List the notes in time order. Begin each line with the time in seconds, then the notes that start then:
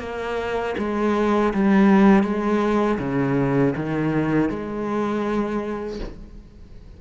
0.00 A#3
0.78 G#3
1.54 G3
2.24 G#3
2.99 C#3
3.76 D#3
4.50 G#3